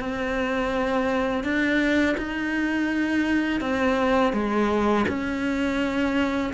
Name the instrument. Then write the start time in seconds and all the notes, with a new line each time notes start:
cello
0.00 C4
1.44 D4
2.18 D#4
3.61 C4
4.33 G#3
5.09 C#4